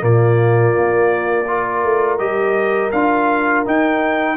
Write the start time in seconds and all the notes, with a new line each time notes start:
0.00 A#2 A#3 F4 D5
0.78 A#3
1.48 F4 A#4
1.84 A3
2.18 G3 G4 D#5
2.92 D4 F4 F5
3.66 D#4 G5